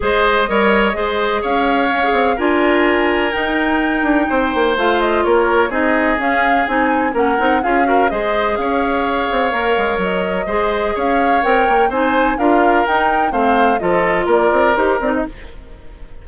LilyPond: <<
  \new Staff \with { instrumentName = "flute" } { \time 4/4 \tempo 4 = 126 dis''2. f''4~ | f''4 gis''2 g''4~ | g''2 f''8 dis''8 cis''4 | dis''4 f''4 gis''4 fis''4 |
f''4 dis''4 f''2~ | f''4 dis''2 f''4 | g''4 gis''4 f''4 g''4 | f''4 dis''4 d''4 c''8 d''16 dis''16 | }
  \new Staff \with { instrumentName = "oboe" } { \time 4/4 c''4 cis''4 c''4 cis''4~ | cis''4 ais'2.~ | ais'4 c''2 ais'4 | gis'2. ais'4 |
gis'8 ais'8 c''4 cis''2~ | cis''2 c''4 cis''4~ | cis''4 c''4 ais'2 | c''4 a'4 ais'2 | }
  \new Staff \with { instrumentName = "clarinet" } { \time 4/4 gis'4 ais'4 gis'2 | cis'16 gis'8. f'2 dis'4~ | dis'2 f'2 | dis'4 cis'4 dis'4 cis'8 dis'8 |
f'8 fis'8 gis'2. | ais'2 gis'2 | ais'4 dis'4 f'4 dis'4 | c'4 f'2 g'8 dis'8 | }
  \new Staff \with { instrumentName = "bassoon" } { \time 4/4 gis4 g4 gis4 cis'4~ | cis'8 c'8 d'2 dis'4~ | dis'8 d'8 c'8 ais8 a4 ais4 | c'4 cis'4 c'4 ais8 c'8 |
cis'4 gis4 cis'4. c'8 | ais8 gis8 fis4 gis4 cis'4 | c'8 ais8 c'4 d'4 dis'4 | a4 f4 ais8 c'8 dis'8 c'8 | }
>>